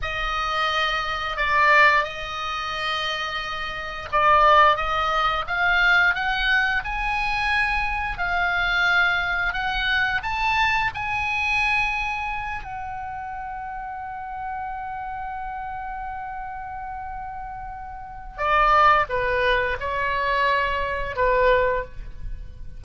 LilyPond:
\new Staff \with { instrumentName = "oboe" } { \time 4/4 \tempo 4 = 88 dis''2 d''4 dis''4~ | dis''2 d''4 dis''4 | f''4 fis''4 gis''2 | f''2 fis''4 a''4 |
gis''2~ gis''8 fis''4.~ | fis''1~ | fis''2. d''4 | b'4 cis''2 b'4 | }